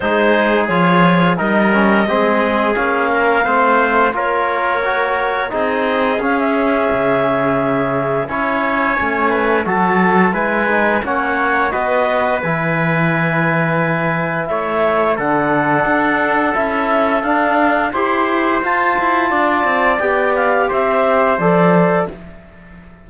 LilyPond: <<
  \new Staff \with { instrumentName = "clarinet" } { \time 4/4 \tempo 4 = 87 c''4 cis''4 dis''2 | f''2 cis''2 | dis''4 f''16 e''2~ e''8. | gis''2 a''4 gis''4 |
fis''4 dis''4 gis''2~ | gis''4 e''4 fis''2 | e''4 f''4 c'''4 a''4~ | a''4 g''8 f''8 e''4 d''4 | }
  \new Staff \with { instrumentName = "trumpet" } { \time 4/4 gis'2 ais'4 gis'4~ | gis'8 ais'8 c''4 ais'2 | gis'1 | cis''4. b'8 a'4 b'4 |
cis''4 b'2.~ | b'4 cis''4 a'2~ | a'2 c''2 | d''2 c''2 | }
  \new Staff \with { instrumentName = "trombone" } { \time 4/4 dis'4 f'4 dis'8 cis'8 c'4 | cis'4 c'4 f'4 fis'4 | dis'4 cis'2. | e'4 cis'4 fis'4 e'8 dis'8 |
cis'4 fis'4 e'2~ | e'2 d'2 | e'4 d'4 g'4 f'4~ | f'4 g'2 a'4 | }
  \new Staff \with { instrumentName = "cello" } { \time 4/4 gis4 f4 g4 gis4 | ais4 a4 ais2 | c'4 cis'4 cis2 | cis'4 a4 fis4 gis4 |
ais4 b4 e2~ | e4 a4 d4 d'4 | cis'4 d'4 e'4 f'8 e'8 | d'8 c'8 b4 c'4 f4 | }
>>